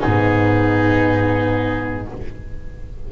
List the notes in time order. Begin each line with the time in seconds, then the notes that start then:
0.00 G#2 B3 D#4 G#4